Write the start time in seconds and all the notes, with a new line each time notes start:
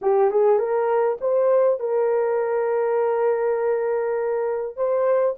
0.01 G4
0.30 G#4
0.58 A#4
1.20 C5
1.79 A#4
4.76 C5